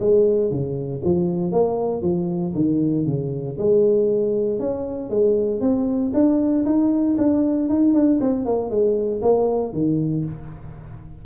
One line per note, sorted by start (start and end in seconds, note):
0.00 0.51 G#3
0.51 1.02 C#3
1.04 1.52 F3
1.52 2.02 A#3
2.02 2.54 F3
2.55 3.06 D#3
3.06 3.58 C#3
3.59 4.60 G#3
4.60 5.10 C#4
5.10 5.61 G#3
5.61 6.12 C4
6.14 6.65 D4
6.65 7.17 D#4
7.18 7.69 D4
7.69 7.94 D#4
7.94 8.20 D4
8.21 8.46 C4
8.46 8.70 A#3
8.70 9.22 G#3
9.22 9.73 A#3
9.73 10.25 D#3